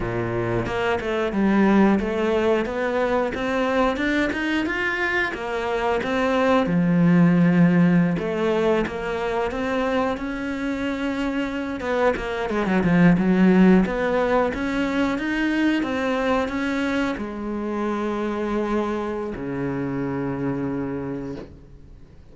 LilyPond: \new Staff \with { instrumentName = "cello" } { \time 4/4 \tempo 4 = 90 ais,4 ais8 a8 g4 a4 | b4 c'4 d'8 dis'8 f'4 | ais4 c'4 f2~ | f16 a4 ais4 c'4 cis'8.~ |
cis'4.~ cis'16 b8 ais8 gis16 fis16 f8 fis16~ | fis8. b4 cis'4 dis'4 c'16~ | c'8. cis'4 gis2~ gis16~ | gis4 cis2. | }